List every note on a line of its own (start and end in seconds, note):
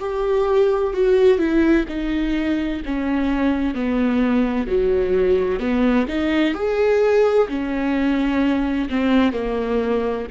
0.00 0.94 G4
0.94 1.38 F#4
1.38 1.85 E4
1.89 2.83 D#4
2.85 3.75 C#4
3.75 4.67 B3
4.67 5.60 F#3
5.60 6.06 B3
6.08 6.55 D#4
6.55 7.48 G#4
7.49 8.89 C#4
8.90 9.33 C4
9.33 10.27 A#3